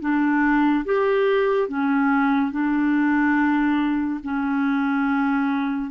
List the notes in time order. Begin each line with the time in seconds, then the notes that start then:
0.00 D4
0.85 G4
1.68 C#4
2.51 D4
4.23 C#4